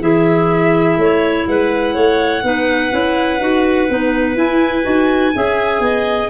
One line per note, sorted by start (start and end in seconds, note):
0.00 0.97 E3
0.00 2.43 E4
0.00 0.98 G#4
0.00 1.47 E5
0.97 1.45 A3
0.97 1.48 C#5
1.47 1.95 G#3
1.47 1.94 B4
1.47 4.37 F#5
1.94 2.43 A3
1.94 2.42 C#5
2.43 2.91 B3
2.43 2.91 D#4
2.43 5.35 B4
2.91 3.40 C#4
2.91 3.39 E4
3.40 3.88 D#4
3.40 3.88 F#4
3.88 4.35 B3
3.88 4.35 D#4
4.35 4.84 E4
4.35 4.82 E4
4.35 6.29 G#5
4.82 5.34 D#4
4.82 5.31 F#4
5.34 5.79 C#4
5.34 6.29 G#4
5.34 5.82 E5
5.79 6.28 B3
5.79 6.29 D#5